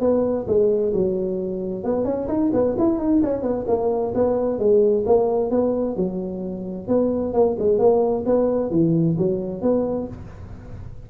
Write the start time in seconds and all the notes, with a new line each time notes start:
0.00 B3
0.47 G#3
0.93 F#3
1.83 B3
2.04 C#4
2.28 D#4
2.53 B3
2.78 E4
2.99 D#4
3.23 C#4
3.42 B3
3.67 A#3
4.14 B3
4.59 G#3
5.06 A#3
5.50 B3
5.96 F#3
6.88 B3
7.33 A#3
7.58 G#3
7.78 A#3
8.25 B3
8.70 E3
9.17 F#3
9.61 B3